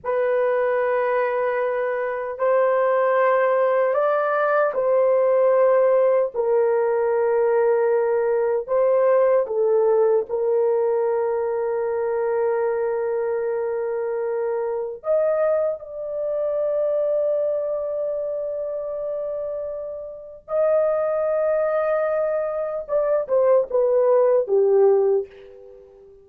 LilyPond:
\new Staff \with { instrumentName = "horn" } { \time 4/4 \tempo 4 = 76 b'2. c''4~ | c''4 d''4 c''2 | ais'2. c''4 | a'4 ais'2.~ |
ais'2. dis''4 | d''1~ | d''2 dis''2~ | dis''4 d''8 c''8 b'4 g'4 | }